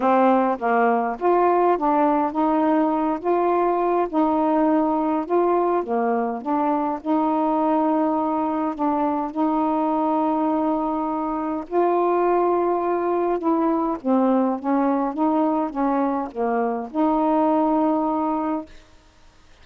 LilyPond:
\new Staff \with { instrumentName = "saxophone" } { \time 4/4 \tempo 4 = 103 c'4 ais4 f'4 d'4 | dis'4. f'4. dis'4~ | dis'4 f'4 ais4 d'4 | dis'2. d'4 |
dis'1 | f'2. e'4 | c'4 cis'4 dis'4 cis'4 | ais4 dis'2. | }